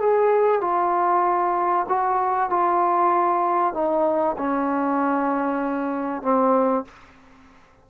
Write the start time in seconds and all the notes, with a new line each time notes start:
0.00 G#4
0.61 F4
1.89 F#4
2.50 F4
3.74 D#4
4.38 C#4
6.22 C4